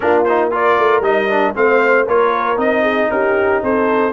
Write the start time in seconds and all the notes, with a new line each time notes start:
0.00 A#3 D4 F4 A#4
0.24 D#4 C5
0.51 F4 A#4 D5
0.78 A3
1.00 G3 D#4 D#5
1.29 D4
1.54 A3 C4 C5 F5
2.06 A#3 F4 A#4 C#5
2.56 C4 D#4 D#5
2.82 G#4
3.10 C#4 G4 A#4
3.62 C4 A4 C5